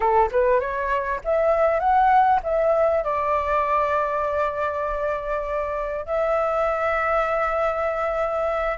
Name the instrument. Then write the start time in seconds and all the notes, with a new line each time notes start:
flute
0.00 A4
0.31 B4
0.60 C#5
1.24 E5
1.79 F#5
2.43 E5
3.04 D5
6.05 E5